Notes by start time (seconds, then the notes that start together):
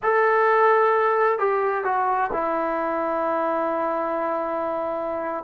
0.02 A4
1.38 G4
1.84 F#4
2.32 E4